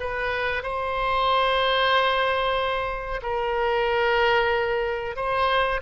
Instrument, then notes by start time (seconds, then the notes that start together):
oboe
0.00 B4
0.63 C5
3.23 A#4
5.16 C5